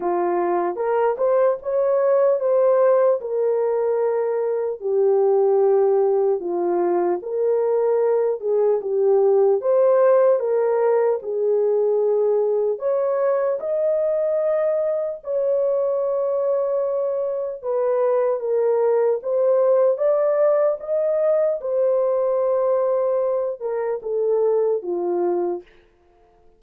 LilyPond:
\new Staff \with { instrumentName = "horn" } { \time 4/4 \tempo 4 = 75 f'4 ais'8 c''8 cis''4 c''4 | ais'2 g'2 | f'4 ais'4. gis'8 g'4 | c''4 ais'4 gis'2 |
cis''4 dis''2 cis''4~ | cis''2 b'4 ais'4 | c''4 d''4 dis''4 c''4~ | c''4. ais'8 a'4 f'4 | }